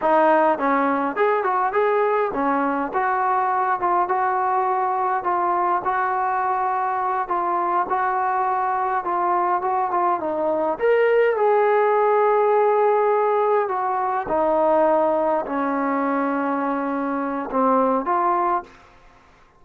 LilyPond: \new Staff \with { instrumentName = "trombone" } { \time 4/4 \tempo 4 = 103 dis'4 cis'4 gis'8 fis'8 gis'4 | cis'4 fis'4. f'8 fis'4~ | fis'4 f'4 fis'2~ | fis'8 f'4 fis'2 f'8~ |
f'8 fis'8 f'8 dis'4 ais'4 gis'8~ | gis'2.~ gis'8 fis'8~ | fis'8 dis'2 cis'4.~ | cis'2 c'4 f'4 | }